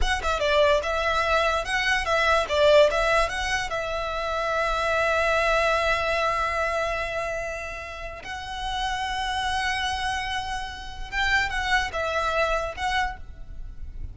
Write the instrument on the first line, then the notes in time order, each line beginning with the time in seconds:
violin
0.01 F#5
0.23 E5
0.39 D5
0.82 E5
1.64 F#5
2.05 E5
2.49 D5
2.90 E5
3.29 F#5
3.70 E5
8.23 F#5
11.11 G5
11.49 F#5
11.92 E5
12.76 F#5